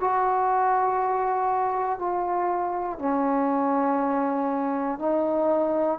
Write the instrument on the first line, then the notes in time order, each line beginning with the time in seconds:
trombone
0.00 F#4
1.99 F4
2.99 C#4
4.99 D#4